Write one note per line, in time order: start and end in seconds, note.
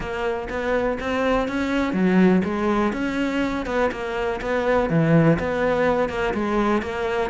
0.00 0.48 A#3
0.49 0.98 B3
1.00 1.48 C4
1.48 1.93 C#4
1.93 2.41 F#3
2.44 2.92 G#3
2.92 3.66 C#4
3.66 3.90 B3
3.91 4.40 A#3
4.41 4.89 B3
4.89 5.38 E3
5.39 6.09 B3
6.09 6.33 A#3
6.33 6.82 G#3
6.82 7.30 A#3